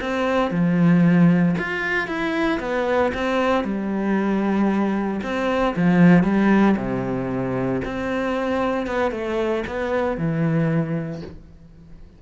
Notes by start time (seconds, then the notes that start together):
0.00 C4
0.51 F3
1.58 F4
2.07 E4
2.60 B3
3.14 C4
3.64 G3
5.22 C4
5.76 F3
6.23 G3
6.77 C3
7.84 C4
8.86 B3
9.11 A3
9.66 B3
10.17 E3